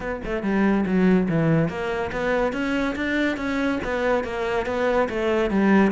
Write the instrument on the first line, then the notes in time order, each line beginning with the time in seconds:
cello
0.00 B3
0.24 A3
0.42 G3
0.85 F#3
1.28 E3
1.68 A#3
2.12 B3
2.52 C#4
2.95 D4
3.36 C#4
3.84 B3
4.24 A#3
4.66 B3
5.09 A3
5.50 G3